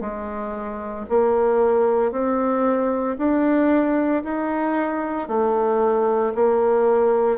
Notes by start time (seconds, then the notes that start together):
0.00 G#3
1.09 A#3
2.11 C4
3.18 D4
4.23 D#4
5.28 A3
6.34 A#3